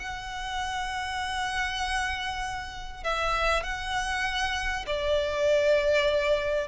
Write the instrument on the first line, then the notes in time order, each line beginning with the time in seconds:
violin
0.00 F#5
3.04 E5
3.63 F#5
4.87 D5